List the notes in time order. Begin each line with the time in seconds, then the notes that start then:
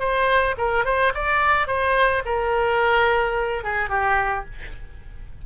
0.00 C5
0.58 A#4
0.85 C5
1.15 D5
1.67 C5
2.26 A#4
3.64 G#4
3.90 G4